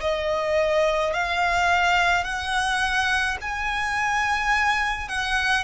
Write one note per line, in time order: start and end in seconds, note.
0.00 1.13 D#5
1.13 2.23 F5
2.23 3.37 F#5
3.41 5.08 G#5
5.08 5.63 F#5